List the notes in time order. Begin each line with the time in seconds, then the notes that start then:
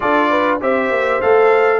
0.00 D4 F4 A4 D5
0.29 B4
0.60 C4 G4 C5 E5
0.90 A#3
1.21 A3 A4 F5